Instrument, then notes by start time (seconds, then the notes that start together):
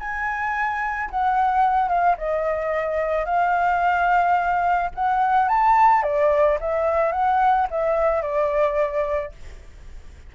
flute
0.00 G#5
1.11 F#5
1.89 F5
2.18 D#5
3.26 F5
4.95 F#5
5.49 A5
6.03 D5
6.61 E5
7.13 F#5
7.71 E5
8.22 D5